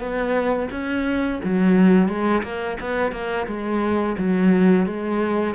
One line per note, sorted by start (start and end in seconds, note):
0.00 0.69 B3
0.71 1.40 C#4
1.45 2.08 F#3
2.08 2.43 G#3
2.43 2.78 A#3
2.81 3.12 B3
3.12 3.47 A#3
3.48 4.17 G#3
4.18 4.87 F#3
4.87 5.55 G#3